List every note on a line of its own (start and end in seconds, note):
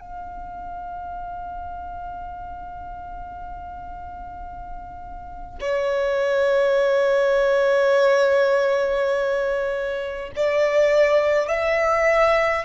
0.00 5.59 F5
5.60 10.31 C#5
10.36 11.48 D5
11.48 12.65 E5